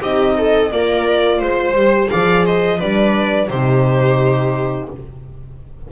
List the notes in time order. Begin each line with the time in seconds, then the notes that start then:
0.00 C4 D#4 G4 D#5
0.38 A4
0.71 A#3 F4 A#4 D5
1.38 G#3 C5
1.74 G3 G4
2.09 F3 G#4 D5 F5
2.46 C5 D#5
2.77 G3 D4 B4 D5
3.49 C3 D#4 G4 C5